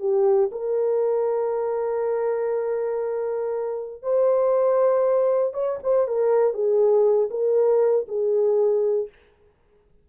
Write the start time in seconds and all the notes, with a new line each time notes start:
0.00 G4
0.52 A#4
4.03 C5
5.54 C#5
5.83 C5
6.08 A#4
6.54 G#4
7.31 A#4
8.08 G#4